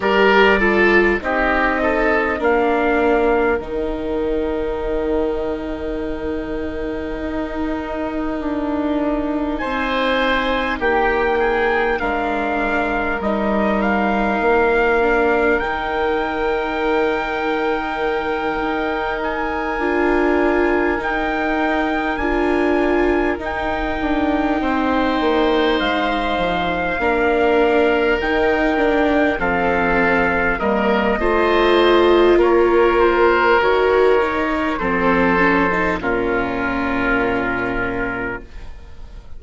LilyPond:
<<
  \new Staff \with { instrumentName = "trumpet" } { \time 4/4 \tempo 4 = 50 d''4 dis''4 f''4 g''4~ | g''1 | gis''4 g''4 f''4 dis''8 f''8~ | f''4 g''2. |
gis''4. g''4 gis''4 g''8~ | g''4. f''2 g''8~ | g''8 f''4 dis''4. cis''8 c''8 | cis''4 c''4 ais'2 | }
  \new Staff \with { instrumentName = "oboe" } { \time 4/4 ais'8 a'8 g'8 a'8 ais'2~ | ais'1 | c''4 g'8 gis'8 ais'2~ | ais'1~ |
ais'1~ | ais'8 c''2 ais'4.~ | ais'8 a'4 ais'8 c''4 ais'4~ | ais'4 a'4 f'2 | }
  \new Staff \with { instrumentName = "viola" } { \time 4/4 g'8 f'8 dis'4 d'4 dis'4~ | dis'1~ | dis'2 d'4 dis'4~ | dis'8 d'8 dis'2.~ |
dis'8 f'4 dis'4 f'4 dis'8~ | dis'2~ dis'8 d'4 dis'8 | d'8 c'4 ais8 f'2 | fis'8 dis'8 c'8 cis'16 dis'16 cis'2 | }
  \new Staff \with { instrumentName = "bassoon" } { \time 4/4 g4 c'4 ais4 dis4~ | dis2 dis'4 d'4 | c'4 ais4 gis4 g4 | ais4 dis2~ dis8 dis'8~ |
dis'8 d'4 dis'4 d'4 dis'8 | d'8 c'8 ais8 gis8 f8 ais4 dis8~ | dis8 f4 g8 a4 ais4 | dis4 f4 ais,2 | }
>>